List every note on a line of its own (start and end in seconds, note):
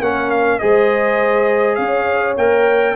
0.00 0.59 A#3
0.00 0.60 C#4
0.00 0.61 A#4
0.00 0.30 F#5
0.30 0.59 F5
0.59 1.78 G#3
0.59 2.37 G#4
0.59 1.78 C5
0.59 1.75 D#5
1.75 2.37 C#4
1.75 2.95 C#5
1.75 2.34 F5
2.37 2.96 A#3
2.37 2.96 A#4
2.37 2.96 G5